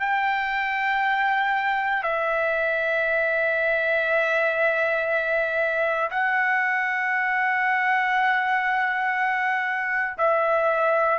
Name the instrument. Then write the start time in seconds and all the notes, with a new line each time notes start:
trumpet
0.00 G5
2.03 E5
6.11 F#5
10.18 E5